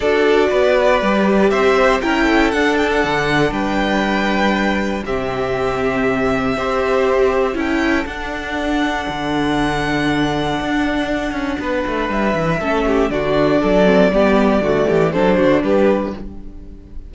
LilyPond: <<
  \new Staff \with { instrumentName = "violin" } { \time 4/4 \tempo 4 = 119 d''2. e''4 | g''4 fis''8 g''16 fis''4~ fis''16 g''4~ | g''2 e''2~ | e''2. g''4 |
fis''1~ | fis''1 | e''2 d''2~ | d''2 c''4 b'4 | }
  \new Staff \with { instrumentName = "violin" } { \time 4/4 a'4 b'2 c''4 | ais'8 a'2~ a'8 b'4~ | b'2 g'2~ | g'4 c''2 a'4~ |
a'1~ | a'2. b'4~ | b'4 a'8 g'8 fis'4 a'4 | g'4 fis'8 g'8 a'8 fis'8 g'4 | }
  \new Staff \with { instrumentName = "viola" } { \time 4/4 fis'2 g'2 | e'4 d'2.~ | d'2 c'2~ | c'4 g'2 e'4 |
d'1~ | d'1~ | d'4 cis'4 d'4. c'8 | b4 a4 d'2 | }
  \new Staff \with { instrumentName = "cello" } { \time 4/4 d'4 b4 g4 c'4 | cis'4 d'4 d4 g4~ | g2 c2~ | c4 c'2 cis'4 |
d'2 d2~ | d4 d'4. cis'8 b8 a8 | g8 e8 a4 d4 fis4 | g4 d8 e8 fis8 d8 g4 | }
>>